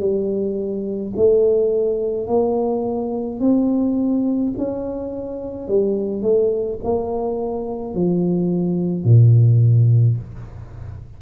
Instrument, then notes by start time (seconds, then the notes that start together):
tuba
0.00 G3
1.17 A3
2.27 A#3
3.40 C4
4.58 C#4
5.68 G3
6.23 A3
6.84 A#3
7.95 F3
9.05 A#2